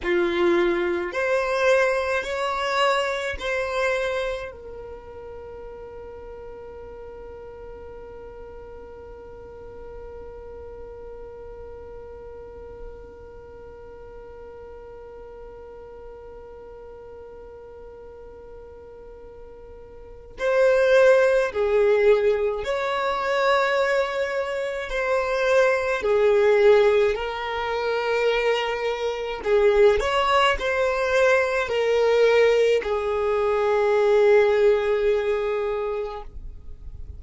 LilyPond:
\new Staff \with { instrumentName = "violin" } { \time 4/4 \tempo 4 = 53 f'4 c''4 cis''4 c''4 | ais'1~ | ais'1~ | ais'1~ |
ais'2 c''4 gis'4 | cis''2 c''4 gis'4 | ais'2 gis'8 cis''8 c''4 | ais'4 gis'2. | }